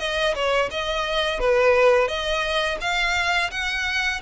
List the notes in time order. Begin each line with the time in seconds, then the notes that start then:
0.00 D#5
0.35 C#5
0.71 D#5
1.40 B4
2.09 D#5
2.81 F5
3.51 F#5